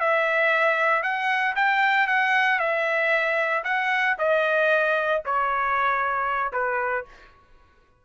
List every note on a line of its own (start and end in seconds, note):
0.00 1.03 E5
1.03 1.55 F#5
1.56 2.07 G5
2.07 2.59 F#5
2.59 3.64 E5
3.64 4.16 F#5
4.19 5.23 D#5
5.25 6.53 C#5
6.53 7.05 B4